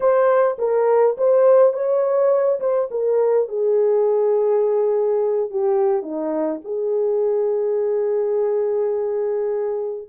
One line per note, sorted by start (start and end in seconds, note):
0.00 0.57 C5
0.58 1.16 A#4
1.17 1.73 C5
1.73 2.59 C#5
2.60 2.88 C5
2.90 3.48 A#4
3.48 5.50 G#4
5.50 6.02 G4
6.02 6.60 D#4
6.64 10.08 G#4